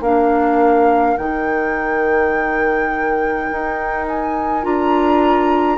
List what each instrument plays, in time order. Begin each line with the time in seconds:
0.00 bassoon A#3, clarinet D4, oboe A#4, flute F5
1.17 bassoon D#3, clarinet D#4, flute G5
3.52 bassoon D#4
4.07 flute G#5
4.62 bassoon D4, clarinet F4, flute A#5